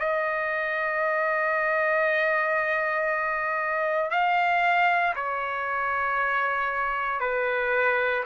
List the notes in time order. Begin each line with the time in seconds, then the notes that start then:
0.00 D#5
4.11 F5
5.16 C#5
7.21 B4